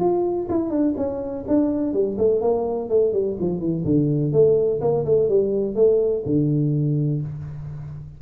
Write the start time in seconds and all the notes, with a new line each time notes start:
0.00 F4
0.50 E4
0.70 D4
0.97 C#4
1.48 D4
1.94 G3
2.18 A3
2.42 A#3
2.90 A3
3.13 G3
3.40 F3
3.60 E3
3.85 D3
4.33 A3
4.81 A#3
5.06 A3
5.29 G3
5.76 A3
6.26 D3